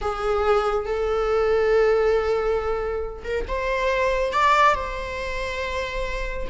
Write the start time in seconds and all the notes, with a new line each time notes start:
0.01 G#4
0.85 A4
3.24 A#4
3.48 C5
4.32 D5
4.74 C5